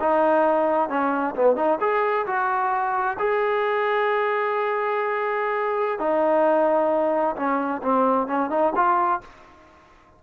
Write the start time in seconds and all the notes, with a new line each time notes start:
0.00 D#4
0.89 C#4
1.36 B3
1.56 D#4
1.81 G#4
2.26 F#4
3.19 G#4
5.99 D#4
7.36 C#4
7.82 C4
8.27 C#4
8.50 D#4
8.76 F4